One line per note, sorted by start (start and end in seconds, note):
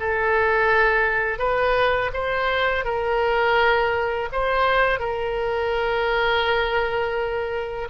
0.00 1.39 A4
1.39 2.11 B4
2.14 2.85 C5
2.85 4.29 A#4
4.32 4.99 C5
4.99 7.89 A#4